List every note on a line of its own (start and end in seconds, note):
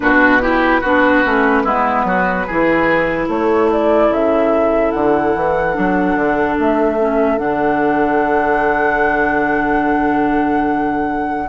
0.00 0.82 B2
0.00 0.39 D4
0.00 0.42 F#4
0.00 3.28 B4
0.40 0.82 E4
0.40 0.80 G4
0.80 1.23 B3
0.80 1.24 D4
0.80 1.62 F#4
1.24 1.64 A3
1.24 1.65 C#4
1.64 2.04 G#3
1.64 2.47 B3
1.64 2.05 E4
2.04 2.45 F#3
2.04 2.46 F#4
2.46 3.28 E3
2.46 5.73 E4
2.46 3.28 G#4
3.28 4.09 A3
3.28 11.48 A4
3.28 3.70 C#5
3.72 4.12 D5
4.09 4.91 C#3
4.09 4.91 E5
4.91 5.35 D3
4.91 6.55 F#5
5.35 5.76 E3
5.73 6.15 F#3
5.73 6.97 D4
6.15 6.56 D3
6.59 7.38 A3
6.59 7.38 E5
6.99 7.37 C#4
7.37 11.48 D3
7.37 11.48 D4
7.37 11.48 F#5